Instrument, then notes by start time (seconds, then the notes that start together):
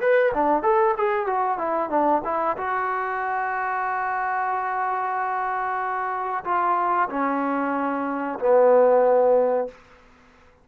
trombone
0.00 B4
0.34 D4
0.62 A4
0.97 G#4
1.26 F#4
1.57 E4
1.89 D4
2.24 E4
2.57 F#4
6.44 F4
7.09 C#4
8.39 B3